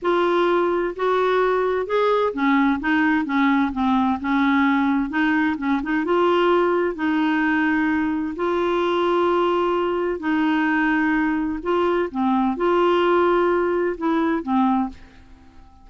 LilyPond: \new Staff \with { instrumentName = "clarinet" } { \time 4/4 \tempo 4 = 129 f'2 fis'2 | gis'4 cis'4 dis'4 cis'4 | c'4 cis'2 dis'4 | cis'8 dis'8 f'2 dis'4~ |
dis'2 f'2~ | f'2 dis'2~ | dis'4 f'4 c'4 f'4~ | f'2 e'4 c'4 | }